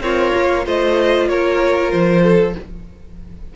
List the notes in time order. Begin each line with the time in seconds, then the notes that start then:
0.00 C4 F4 A#4 C#5
0.34 A#3
0.64 A3 F4 C5 D#5
1.28 A#3 A#4 C#5
1.91 F3 C5
2.22 A4